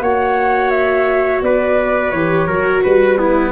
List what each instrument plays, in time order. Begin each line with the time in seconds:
0.00 tuba A#3, viola F#4, trumpet C#5, flute F#5
0.71 flute E5
1.42 tuba B3, trumpet B4, flute D5
2.11 tuba E3, viola G4, flute C#5
2.47 tuba F#3, viola F#4, trumpet A#4
2.84 tuba G3, trumpet B4, flute B4
3.18 trumpet B3, viola E4